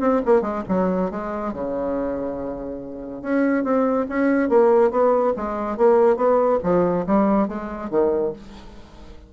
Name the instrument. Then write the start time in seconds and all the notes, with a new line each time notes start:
bassoon
0.00 C4
0.26 A#3
0.41 G#3
0.68 F#3
1.11 G#3
1.53 C#3
3.22 C#4
3.64 C4
4.09 C#4
4.49 A#3
4.91 B3
5.36 G#3
5.77 A#3
6.16 B3
6.63 F3
7.06 G3
7.48 G#3
7.90 D#3